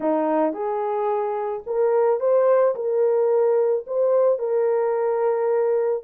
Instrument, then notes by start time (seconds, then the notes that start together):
horn
0.00 D#4
0.53 G#4
1.66 A#4
2.19 C5
2.75 A#4
3.86 C5
4.39 A#4